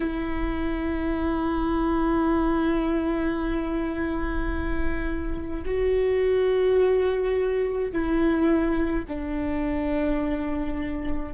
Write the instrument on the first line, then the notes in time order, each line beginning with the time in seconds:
viola
0.00 E4
5.65 F#4
7.92 E4
9.08 D4